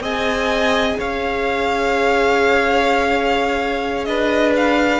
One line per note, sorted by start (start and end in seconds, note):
0.00 0.95 C4
0.00 5.00 G#4
0.00 0.97 D#5
0.00 0.99 G#5
0.98 4.07 C#4
0.98 4.07 C#5
0.98 4.04 F5
4.04 5.00 D4
4.04 5.00 B4
4.04 4.52 D#5
4.56 5.00 F5